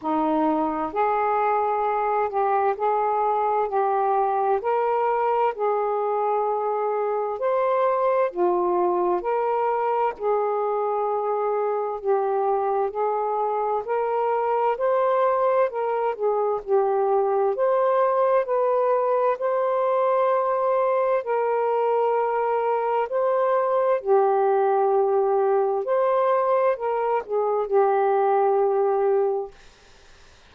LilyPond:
\new Staff \with { instrumentName = "saxophone" } { \time 4/4 \tempo 4 = 65 dis'4 gis'4. g'8 gis'4 | g'4 ais'4 gis'2 | c''4 f'4 ais'4 gis'4~ | gis'4 g'4 gis'4 ais'4 |
c''4 ais'8 gis'8 g'4 c''4 | b'4 c''2 ais'4~ | ais'4 c''4 g'2 | c''4 ais'8 gis'8 g'2 | }